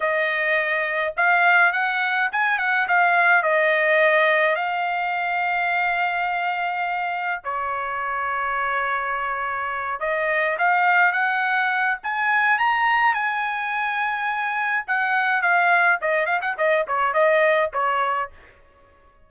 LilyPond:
\new Staff \with { instrumentName = "trumpet" } { \time 4/4 \tempo 4 = 105 dis''2 f''4 fis''4 | gis''8 fis''8 f''4 dis''2 | f''1~ | f''4 cis''2.~ |
cis''4. dis''4 f''4 fis''8~ | fis''4 gis''4 ais''4 gis''4~ | gis''2 fis''4 f''4 | dis''8 f''16 fis''16 dis''8 cis''8 dis''4 cis''4 | }